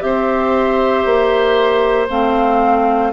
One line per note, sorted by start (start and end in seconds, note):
0.00 1.05 C4
0.00 2.07 G4
0.00 2.08 E5
0.06 3.13 C5
1.05 2.09 A#3
2.09 3.13 A3
2.09 3.13 C4
2.09 3.13 F5